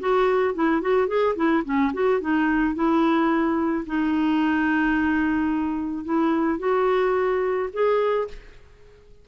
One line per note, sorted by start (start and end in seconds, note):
0.00 0.55 F#4
0.55 0.82 E4
0.82 1.08 F#4
1.08 1.35 G#4
1.36 1.64 E4
1.65 1.92 C#4
1.93 2.21 F#4
2.21 2.75 D#4
2.75 3.85 E4
3.86 6.05 D#4
6.05 6.59 E4
6.59 7.69 F#4
7.73 8.28 G#4